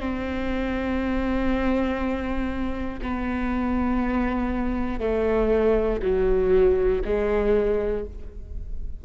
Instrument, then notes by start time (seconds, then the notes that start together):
viola
0.00 C4
3.02 B3
5.00 A3
6.02 F#3
7.05 G#3